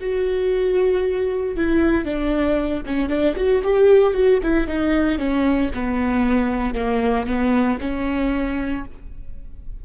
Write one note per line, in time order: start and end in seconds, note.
0.00 1.56 F#4
1.56 2.04 E4
2.04 2.83 D4
2.86 3.09 C#4
3.09 3.35 D4
3.36 3.62 F#4
3.63 4.13 G4
4.13 4.39 F#4
4.43 4.67 E4
4.67 5.18 D#4
5.18 5.70 C#4
5.73 6.74 B3
6.74 7.26 A#3
7.26 7.78 B3
7.80 8.85 C#4